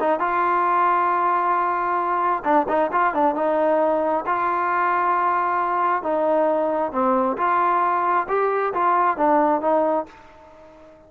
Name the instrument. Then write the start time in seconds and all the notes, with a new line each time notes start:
trombone
0.00 D#4
0.20 F4
2.45 D4
2.68 D#4
2.92 F4
3.14 D4
3.35 D#4
4.26 F4
6.03 D#4
6.92 C4
7.37 F4
8.28 G4
8.74 F4
9.17 D4
9.61 D#4